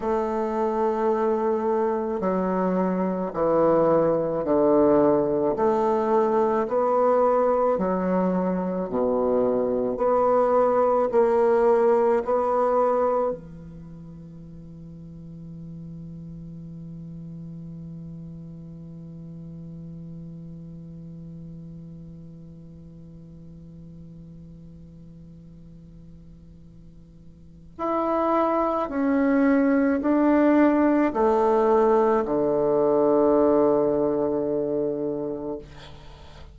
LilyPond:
\new Staff \with { instrumentName = "bassoon" } { \time 4/4 \tempo 4 = 54 a2 fis4 e4 | d4 a4 b4 fis4 | b,4 b4 ais4 b4 | e1~ |
e1~ | e1~ | e4 e'4 cis'4 d'4 | a4 d2. | }